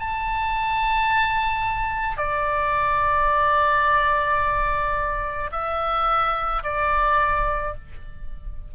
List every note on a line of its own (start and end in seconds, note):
0.00 2.18 A5
2.18 5.51 D5
5.52 6.63 E5
6.64 7.75 D5